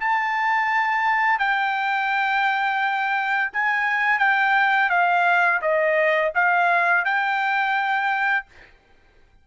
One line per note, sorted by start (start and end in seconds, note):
0.00 1.39 A5
1.39 3.51 G5
3.53 4.19 G#5
4.19 4.89 G5
4.90 5.60 F5
5.61 6.32 D#5
6.35 7.05 F5
7.05 8.46 G5